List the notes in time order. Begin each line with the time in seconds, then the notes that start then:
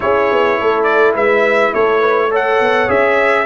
0.00 C#4 E4 G#4 C#5
0.31 B3
0.59 A3 A4
0.83 D5
1.14 G#3 B4 E5
1.74 A3 A4 C#5
1.99 B4
2.30 A4 C#5 F#5
2.60 B3
2.87 C#4 G#4 E5